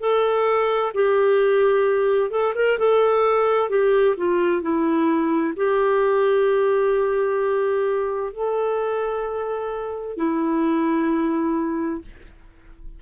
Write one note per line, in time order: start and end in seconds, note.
0.00 0.92 A4
0.94 2.30 G4
2.30 2.53 A4
2.55 2.78 A#4
2.79 3.69 A4
3.69 4.15 G4
4.17 4.62 F4
4.62 5.54 E4
5.56 8.33 G4
8.33 10.17 A4
10.17 12.01 E4